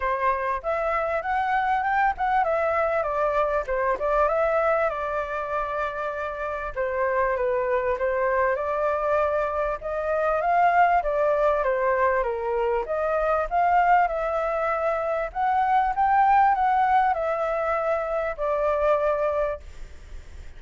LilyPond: \new Staff \with { instrumentName = "flute" } { \time 4/4 \tempo 4 = 98 c''4 e''4 fis''4 g''8 fis''8 | e''4 d''4 c''8 d''8 e''4 | d''2. c''4 | b'4 c''4 d''2 |
dis''4 f''4 d''4 c''4 | ais'4 dis''4 f''4 e''4~ | e''4 fis''4 g''4 fis''4 | e''2 d''2 | }